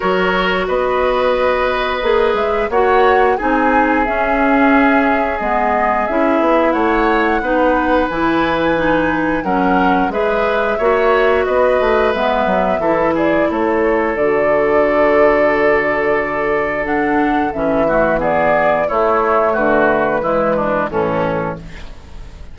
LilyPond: <<
  \new Staff \with { instrumentName = "flute" } { \time 4/4 \tempo 4 = 89 cis''4 dis''2~ dis''8 e''8 | fis''4 gis''4 e''2 | dis''4 e''4 fis''2 | gis''2 fis''4 e''4~ |
e''4 dis''4 e''4. d''8 | cis''4 d''2.~ | d''4 fis''4 e''4 d''4 | cis''4 b'2 a'4 | }
  \new Staff \with { instrumentName = "oboe" } { \time 4/4 ais'4 b'2. | cis''4 gis'2.~ | gis'2 cis''4 b'4~ | b'2 ais'4 b'4 |
cis''4 b'2 a'8 gis'8 | a'1~ | a'2~ a'8 fis'8 gis'4 | e'4 fis'4 e'8 d'8 cis'4 | }
  \new Staff \with { instrumentName = "clarinet" } { \time 4/4 fis'2. gis'4 | fis'4 dis'4 cis'2 | b4 e'2 dis'4 | e'4 dis'4 cis'4 gis'4 |
fis'2 b4 e'4~ | e'4 fis'2.~ | fis'4 d'4 cis'8 a8 b4 | a2 gis4 e4 | }
  \new Staff \with { instrumentName = "bassoon" } { \time 4/4 fis4 b2 ais8 gis8 | ais4 c'4 cis'2 | gis4 cis'8 b8 a4 b4 | e2 fis4 gis4 |
ais4 b8 a8 gis8 fis8 e4 | a4 d2.~ | d2 e2 | a4 d4 e4 a,4 | }
>>